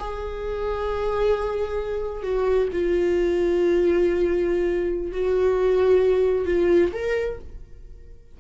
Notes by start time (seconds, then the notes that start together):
0.00 G#4
2.23 F#4
2.73 F4
5.13 F#4
6.46 F4
6.93 A#4